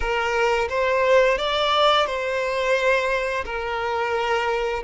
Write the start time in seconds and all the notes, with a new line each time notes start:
0.00 A#4
0.69 C5
1.38 D5
2.06 C5
3.45 A#4